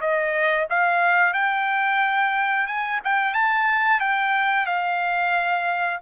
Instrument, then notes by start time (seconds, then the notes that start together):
trumpet
0.00 D#5
0.69 F5
1.33 G5
2.66 G#5
3.04 G5
3.33 A5
4.00 G5
4.66 F5